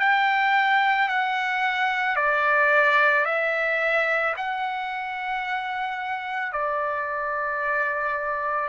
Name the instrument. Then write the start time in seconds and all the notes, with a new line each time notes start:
trumpet
0.00 G5
1.09 F#5
2.17 D5
3.26 E5
4.37 F#5
6.53 D5